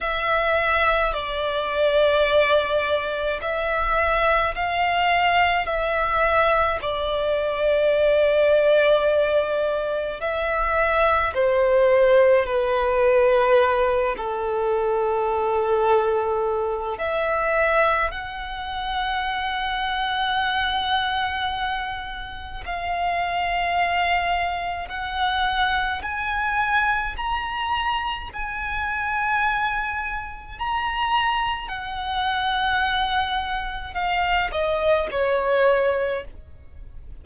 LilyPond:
\new Staff \with { instrumentName = "violin" } { \time 4/4 \tempo 4 = 53 e''4 d''2 e''4 | f''4 e''4 d''2~ | d''4 e''4 c''4 b'4~ | b'8 a'2~ a'8 e''4 |
fis''1 | f''2 fis''4 gis''4 | ais''4 gis''2 ais''4 | fis''2 f''8 dis''8 cis''4 | }